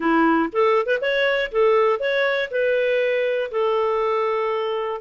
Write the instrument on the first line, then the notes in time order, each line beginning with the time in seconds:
clarinet
0.00 E4
0.52 A4
0.86 B4
1.01 C#5
1.51 A4
1.99 C#5
2.50 B4
3.51 A4